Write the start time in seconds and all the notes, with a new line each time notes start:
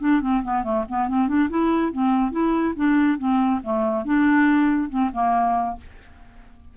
0.00 D4
0.21 C4
0.44 B3
0.64 A3
0.89 B3
1.09 C4
1.28 D4
1.50 E4
1.92 C4
2.32 E4
2.76 D4
3.19 C4
3.63 A3
4.05 D4
4.90 C4
5.14 A#3